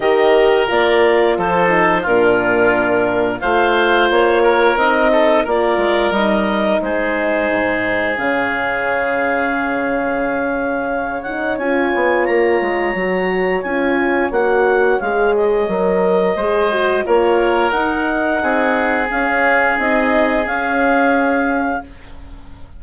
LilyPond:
<<
  \new Staff \with { instrumentName = "clarinet" } { \time 4/4 \tempo 4 = 88 dis''4 d''4 c''4 ais'4~ | ais'4 f''4 cis''4 dis''4 | d''4 dis''4 c''2 | f''1~ |
f''8 fis''8 gis''4 ais''2 | gis''4 fis''4 f''8 dis''4.~ | dis''4 cis''4 fis''2 | f''4 dis''4 f''2 | }
  \new Staff \with { instrumentName = "oboe" } { \time 4/4 ais'2 a'4 f'4~ | f'4 c''4. ais'4 a'8 | ais'2 gis'2~ | gis'1 |
cis''1~ | cis''1 | c''4 ais'2 gis'4~ | gis'1 | }
  \new Staff \with { instrumentName = "horn" } { \time 4/4 g'4 f'4. dis'8 d'4~ | d'4 f'2 dis'4 | f'4 dis'2. | cis'1~ |
cis'8 dis'8 f'2 fis'4 | f'4 fis'4 gis'4 ais'4 | gis'8 fis'8 f'4 dis'2 | cis'4 dis'4 cis'2 | }
  \new Staff \with { instrumentName = "bassoon" } { \time 4/4 dis4 ais4 f4 ais,4~ | ais,4 a4 ais4 c'4 | ais8 gis8 g4 gis4 gis,4 | cis1~ |
cis4 cis'8 b8 ais8 gis8 fis4 | cis'4 ais4 gis4 fis4 | gis4 ais4 dis'4 c'4 | cis'4 c'4 cis'2 | }
>>